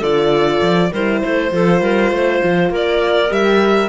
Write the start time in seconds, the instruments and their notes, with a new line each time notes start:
0.00 cello D3, horn F4, clarinet A4, violin D5
0.61 cello F3
0.92 cello G3, horn E4, clarinet A#4, violin C5
1.23 cello A3, clarinet C5
1.52 cello F3, horn F4, clarinet A4
1.81 cello G3, clarinet A#4
2.11 cello A3, clarinet C5
2.44 cello F3
2.70 cello A#3, clarinet A#4, violin D5
3.29 cello G3, horn G4, violin E5